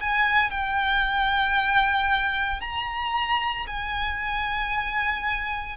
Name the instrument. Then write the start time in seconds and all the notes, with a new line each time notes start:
violin
0.00 G#5
0.51 G5
2.61 A#5
3.67 G#5